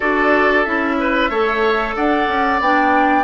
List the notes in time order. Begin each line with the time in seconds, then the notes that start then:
0.00 D4 F#4 A4 D5
0.64 C#4 E4 E5
0.99 B4
1.29 A3 A4 C#5
1.95 D4 D5 F#5
2.27 C#4
2.60 B3 D4 G5